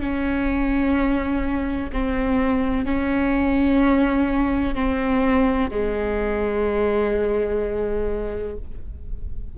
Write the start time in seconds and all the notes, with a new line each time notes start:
0.00 C#4
1.92 C4
2.85 C#4
4.75 C4
5.71 G#3